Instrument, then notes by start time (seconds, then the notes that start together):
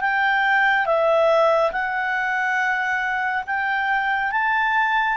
clarinet
0.00 G5
0.85 E5
1.71 F#5
3.46 G5
4.31 A5